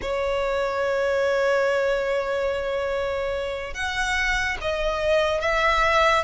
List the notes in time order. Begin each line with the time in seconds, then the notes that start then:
0.01 C#5
3.73 F#5
4.61 D#5
5.40 E5